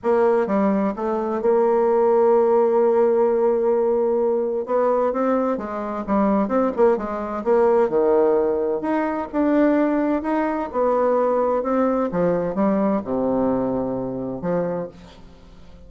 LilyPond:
\new Staff \with { instrumentName = "bassoon" } { \time 4/4 \tempo 4 = 129 ais4 g4 a4 ais4~ | ais1~ | ais2 b4 c'4 | gis4 g4 c'8 ais8 gis4 |
ais4 dis2 dis'4 | d'2 dis'4 b4~ | b4 c'4 f4 g4 | c2. f4 | }